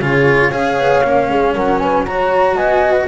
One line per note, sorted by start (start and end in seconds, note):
0.00 0.51 C#3
0.00 0.52 F4
0.00 0.49 G#4
0.00 0.52 C#5
0.49 0.78 C#4
0.49 1.03 G#4
0.49 1.26 C#5
0.49 1.54 F5
0.78 1.04 B3
1.04 1.30 A#3
1.04 2.07 C#4
1.30 1.55 G#3
1.30 1.55 G#4
1.55 2.56 F#3
1.55 1.81 A#4
1.55 1.79 F#5
1.79 2.06 B4
1.79 2.04 G#5
2.06 3.08 F#4
2.06 2.56 C#5
2.06 2.57 A#5
2.56 3.07 B3
2.56 3.07 D#5
2.56 2.92 G#5
2.92 3.05 B4